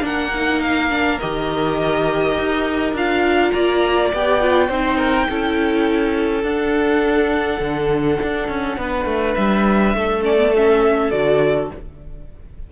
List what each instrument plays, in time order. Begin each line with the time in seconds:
0.00 cello A#3, viola D4, violin A#4 F#5
0.34 viola D#4
0.60 violin F5
0.90 viola D4
1.19 cello D#3, viola G4, violin D#5
2.37 cello D#4
2.93 cello D4, viola F4, violin F5
3.51 cello A#3, violin D5 A#5
4.13 cello B3, viola G4, violin G5
4.40 viola F4
4.68 cello C4, viola D#4, violin C5
4.97 violin A#4
5.29 cello C#4, viola E4, violin A4
6.43 viola D4, cello D4, violin F#5
7.59 cello D3
8.23 cello D4
8.48 cello C#4
8.77 cello B3, violin B4
9.05 cello A3
9.34 cello G3, violin E5
9.94 cello A3, violin A4
10.21 viola C#4, violin D5
10.37 viola B3
10.56 viola C#4, violin E5
11.10 cello D3, viola F#4, violin D5